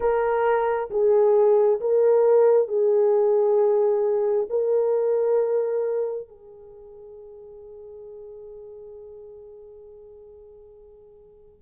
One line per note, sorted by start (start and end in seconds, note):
0.00 0.90 A#4
0.90 1.80 G#4
1.80 2.67 A#4
2.67 4.47 G#4
4.49 6.28 A#4
6.28 11.62 G#4